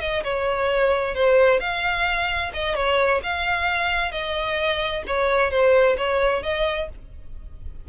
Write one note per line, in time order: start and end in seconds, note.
0.00 0.23 D#5
0.24 1.15 C#5
1.15 1.60 C5
1.60 2.51 F5
2.54 2.75 D#5
2.75 3.21 C#5
3.23 4.11 F5
4.11 5.03 D#5
5.07 5.50 C#5
5.50 5.96 C5
5.97 6.43 C#5
6.43 6.88 D#5